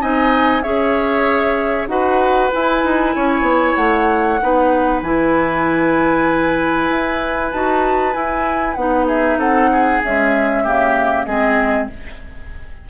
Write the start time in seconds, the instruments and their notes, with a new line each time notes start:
0.00 bassoon C4, clarinet D#4, oboe D#5, flute G#5
0.62 bassoon C#4, clarinet G#4, oboe C#5, flute E5
1.87 bassoon D#4, clarinet F#4, oboe B4, flute F#5
2.51 clarinet E4, bassoon E4, flute G#5
2.83 bassoon D#4
3.15 bassoon C#4, oboe C#5
3.41 bassoon B3
3.75 bassoon A3, flute F#5
4.42 bassoon B3, clarinet D#4, oboe B4
5.02 bassoon E3, clarinet E4, flute G#5
6.89 bassoon E4
7.51 bassoon D#4, clarinet F#4, flute A5
8.13 clarinet E4, bassoon E4, flute G#5
8.74 bassoon B3, clarinet D#4, flute F#5
9.07 oboe G#4, flute E5
9.37 bassoon C4, oboe A4, flute F#5
9.72 oboe G#4
10.04 clarinet G#3, bassoon C#4, flute E5
10.63 bassoon C#3, clarinet A#3, oboe G4
11.24 bassoon G#3, clarinet C4, oboe G#4, flute D#5